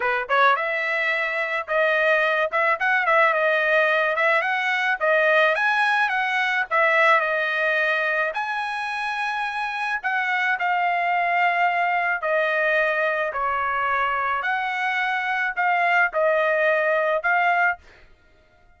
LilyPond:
\new Staff \with { instrumentName = "trumpet" } { \time 4/4 \tempo 4 = 108 b'8 cis''8 e''2 dis''4~ | dis''8 e''8 fis''8 e''8 dis''4. e''8 | fis''4 dis''4 gis''4 fis''4 | e''4 dis''2 gis''4~ |
gis''2 fis''4 f''4~ | f''2 dis''2 | cis''2 fis''2 | f''4 dis''2 f''4 | }